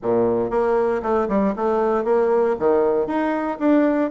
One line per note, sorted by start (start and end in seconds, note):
0.02 0.50 A#2
0.50 1.01 A#3
1.02 1.28 A3
1.28 1.54 G3
1.56 2.04 A3
2.04 2.55 A#3
2.59 3.07 D#3
3.07 3.58 D#4
3.59 4.10 D4